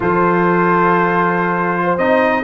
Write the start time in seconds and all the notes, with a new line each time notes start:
0.00 F3 F4 A4 C5
1.83 C5
1.97 C4 D#4 D#5